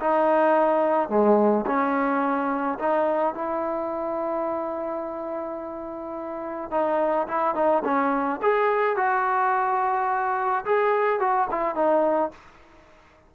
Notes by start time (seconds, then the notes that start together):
0.00 D#4
1.09 G#3
1.66 C#4
2.79 D#4
3.34 E4
6.71 D#4
7.27 E4
7.54 D#4
7.84 C#4
8.42 G#4
8.96 F#4
10.65 G#4
11.19 F#4
11.51 E4
11.75 D#4